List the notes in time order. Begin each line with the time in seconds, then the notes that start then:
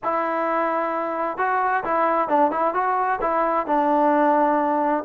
0.03 E4
1.37 F#4
1.84 E4
2.28 D4
2.51 E4
2.74 F#4
3.21 E4
3.66 D4